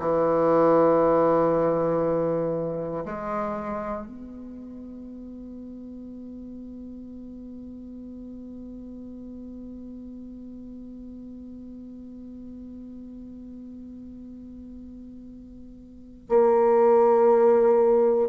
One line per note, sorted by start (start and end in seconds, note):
0.00 3.05 E3
3.06 4.07 G#3
4.07 16.27 B3
16.29 18.30 A#3